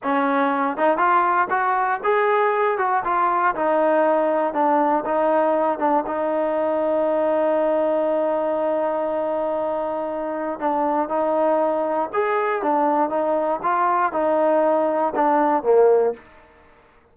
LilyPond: \new Staff \with { instrumentName = "trombone" } { \time 4/4 \tempo 4 = 119 cis'4. dis'8 f'4 fis'4 | gis'4. fis'8 f'4 dis'4~ | dis'4 d'4 dis'4. d'8 | dis'1~ |
dis'1~ | dis'4 d'4 dis'2 | gis'4 d'4 dis'4 f'4 | dis'2 d'4 ais4 | }